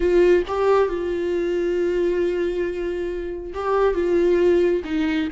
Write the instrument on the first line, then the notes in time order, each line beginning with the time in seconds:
viola
0.00 F4
0.47 G4
0.88 F4
3.54 G4
3.94 F4
4.84 D#4